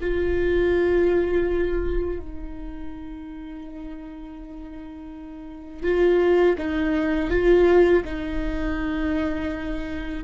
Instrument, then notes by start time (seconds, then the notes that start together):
viola
0.00 F4
2.19 D#4
5.83 F4
6.58 D#4
7.30 F4
8.04 D#4